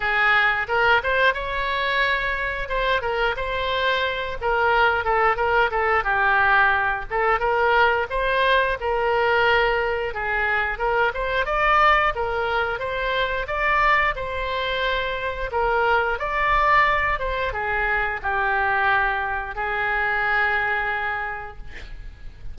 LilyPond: \new Staff \with { instrumentName = "oboe" } { \time 4/4 \tempo 4 = 89 gis'4 ais'8 c''8 cis''2 | c''8 ais'8 c''4. ais'4 a'8 | ais'8 a'8 g'4. a'8 ais'4 | c''4 ais'2 gis'4 |
ais'8 c''8 d''4 ais'4 c''4 | d''4 c''2 ais'4 | d''4. c''8 gis'4 g'4~ | g'4 gis'2. | }